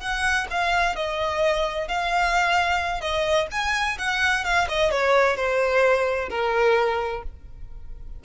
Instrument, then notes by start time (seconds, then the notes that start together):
violin
0.00 F#5
0.50 F5
0.95 D#5
1.88 F5
3.01 D#5
3.51 G#5
3.98 F#5
4.44 F5
4.68 D#5
4.91 C#5
5.36 C5
6.30 A#4